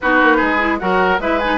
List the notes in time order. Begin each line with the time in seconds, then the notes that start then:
0.00 B3 D#4 F#4 B4
0.22 A#3
0.37 G#3 G#4
0.59 E4
0.78 F#3 F#4 A#4 F#5
1.19 G#3 E4 B4 E5
1.39 D#4 G#5